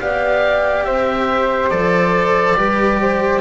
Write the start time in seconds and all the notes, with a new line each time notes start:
0.00 B3 G4 D5 F5
0.84 C4 C5 E5
1.70 F3 A4 D5
2.55 G3 G4 B4
3.01 C5